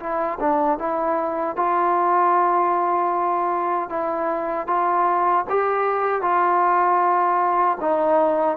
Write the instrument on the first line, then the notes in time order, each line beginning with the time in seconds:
trombone
0.00 E4
0.40 D4
0.79 E4
1.57 F4
3.90 E4
4.67 F4
5.50 G4
6.22 F4
7.81 D#4